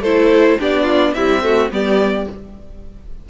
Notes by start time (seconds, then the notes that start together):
0.00 A3 E4 A4 C5
0.59 B3 D4 G4 D5
0.83 F4
1.14 G3 C4 E4 E5
1.41 A3 F#4
1.71 G3 B3 G4 D5